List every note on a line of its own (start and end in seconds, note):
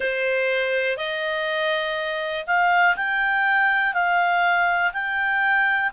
0.00 0.97 C5
0.97 2.45 D#5
2.46 2.96 F5
2.96 3.93 G5
3.93 4.92 F5
4.93 5.91 G5